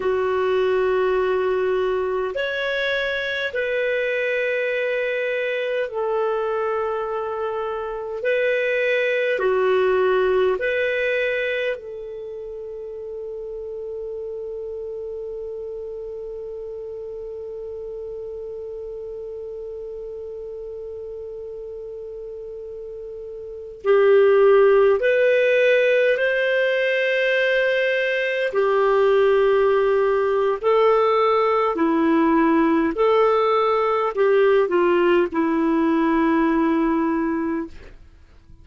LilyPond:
\new Staff \with { instrumentName = "clarinet" } { \time 4/4 \tempo 4 = 51 fis'2 cis''4 b'4~ | b'4 a'2 b'4 | fis'4 b'4 a'2~ | a'1~ |
a'1~ | a'16 g'4 b'4 c''4.~ c''16~ | c''16 g'4.~ g'16 a'4 e'4 | a'4 g'8 f'8 e'2 | }